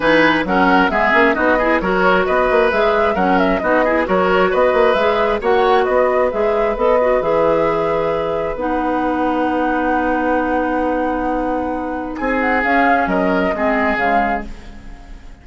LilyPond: <<
  \new Staff \with { instrumentName = "flute" } { \time 4/4 \tempo 4 = 133 gis''4 fis''4 e''4 dis''4 | cis''4 dis''4 e''4 fis''8 e''8 | dis''4 cis''4 dis''4 e''4 | fis''4 dis''4 e''4 dis''4 |
e''2. fis''4~ | fis''1~ | fis''2. gis''8 fis''8 | f''4 dis''2 f''4 | }
  \new Staff \with { instrumentName = "oboe" } { \time 4/4 b'4 ais'4 gis'4 fis'8 gis'8 | ais'4 b'2 ais'4 | fis'8 gis'8 ais'4 b'2 | cis''4 b'2.~ |
b'1~ | b'1~ | b'2. gis'4~ | gis'4 ais'4 gis'2 | }
  \new Staff \with { instrumentName = "clarinet" } { \time 4/4 dis'4 cis'4 b8 cis'8 dis'8 e'8 | fis'2 gis'4 cis'4 | dis'8 e'8 fis'2 gis'4 | fis'2 gis'4 a'8 fis'8 |
gis'2. dis'4~ | dis'1~ | dis'1 | cis'2 c'4 gis4 | }
  \new Staff \with { instrumentName = "bassoon" } { \time 4/4 e4 fis4 gis8 ais8 b4 | fis4 b8 ais8 gis4 fis4 | b4 fis4 b8 ais8 gis4 | ais4 b4 gis4 b4 |
e2. b4~ | b1~ | b2. c'4 | cis'4 fis4 gis4 cis4 | }
>>